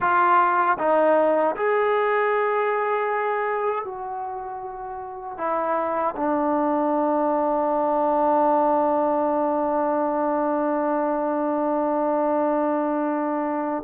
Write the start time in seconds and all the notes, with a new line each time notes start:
0.00 F4
0.78 D#4
1.56 G#4
3.85 F#4
5.37 E4
6.16 D4